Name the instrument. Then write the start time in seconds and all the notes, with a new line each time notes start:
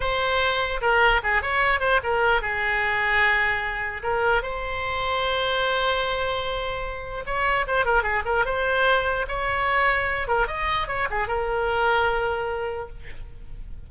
oboe
0.00 C5
0.81 A#4
1.23 G#4
1.41 C#5
1.80 C5
2.03 A#4
2.41 G#4
4.03 A#4
4.42 C5
7.26 C#5
7.67 C5
7.85 A#4
8.02 G#4
8.25 A#4
8.45 C5
9.27 C#5
10.27 A#4
10.47 D#5
10.87 C#5
11.10 G#4
11.27 A#4